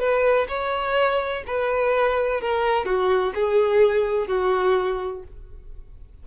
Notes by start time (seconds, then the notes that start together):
0.00 B4
0.49 C#5
1.47 B4
2.41 A#4
2.86 F#4
3.35 G#4
4.28 F#4